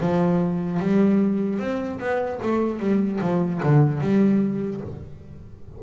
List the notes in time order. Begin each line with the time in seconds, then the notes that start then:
0.00 F3
0.79 G3
1.59 C4
1.99 B3
2.42 A3
2.79 G3
3.20 F3
3.63 D3
4.00 G3